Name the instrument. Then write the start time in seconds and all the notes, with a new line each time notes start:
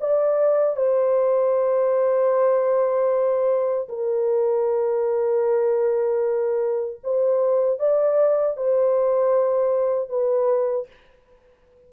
horn
0.00 D5
0.76 C5
3.88 A#4
7.03 C5
7.79 D5
8.56 C5
10.09 B4